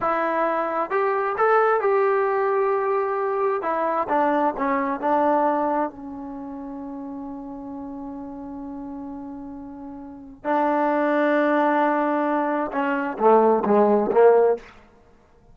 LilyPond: \new Staff \with { instrumentName = "trombone" } { \time 4/4 \tempo 4 = 132 e'2 g'4 a'4 | g'1 | e'4 d'4 cis'4 d'4~ | d'4 cis'2.~ |
cis'1~ | cis'2. d'4~ | d'1 | cis'4 a4 gis4 ais4 | }